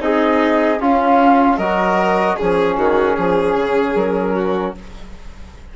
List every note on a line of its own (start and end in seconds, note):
0.00 0.79 C4
0.00 0.79 D#4
0.00 0.81 G#4
0.00 0.79 D#5
0.79 1.57 C#4
0.79 1.60 F4
0.79 1.58 F5
1.57 2.36 F#3
1.57 2.39 F#4
1.57 2.36 A#4
1.57 2.36 D#5
2.36 2.77 F3
2.36 4.76 C#4
2.36 3.93 G#4
2.36 2.76 G#4
2.77 3.16 D#3
2.77 3.16 F#4
3.16 3.55 F3
3.16 4.34 G#4
3.55 3.95 C#3
3.95 4.74 F#3
3.95 4.74 A#4
4.34 4.74 F#4